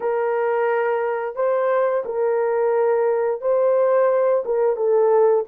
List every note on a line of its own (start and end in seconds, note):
0.00 1.35 A#4
1.35 2.03 C5
2.05 3.41 A#4
3.41 4.43 C5
4.45 4.76 A#4
4.76 5.44 A4